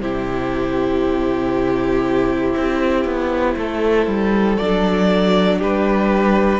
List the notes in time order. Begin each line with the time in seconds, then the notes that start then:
0.00 C3 E4 G4 C5
2.56 C4
3.04 B3
3.56 A3 A4
4.07 G3
4.57 F#3 D4 D5
5.58 G3 G4 B4